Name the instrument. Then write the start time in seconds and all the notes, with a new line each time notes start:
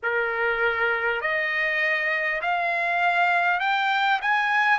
trumpet
0.02 A#4
1.21 D#5
2.41 F5
3.59 G5
4.21 G#5